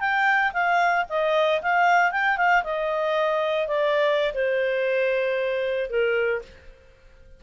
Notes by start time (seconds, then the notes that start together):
0.00 G5
0.53 F5
1.09 D#5
1.62 F5
2.12 G5
2.37 F5
2.64 D#5
3.68 D5
4.34 C5
5.90 A#4